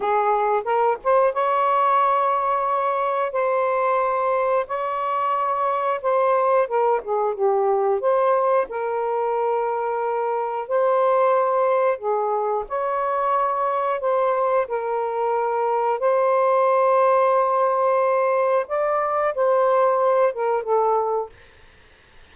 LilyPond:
\new Staff \with { instrumentName = "saxophone" } { \time 4/4 \tempo 4 = 90 gis'4 ais'8 c''8 cis''2~ | cis''4 c''2 cis''4~ | cis''4 c''4 ais'8 gis'8 g'4 | c''4 ais'2. |
c''2 gis'4 cis''4~ | cis''4 c''4 ais'2 | c''1 | d''4 c''4. ais'8 a'4 | }